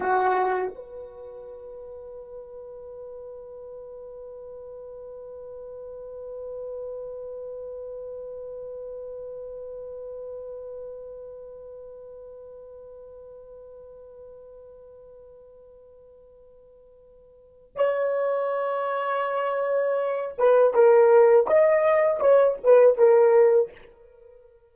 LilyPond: \new Staff \with { instrumentName = "horn" } { \time 4/4 \tempo 4 = 81 fis'4 b'2.~ | b'1~ | b'1~ | b'1~ |
b'1~ | b'1 | cis''2.~ cis''8 b'8 | ais'4 dis''4 cis''8 b'8 ais'4 | }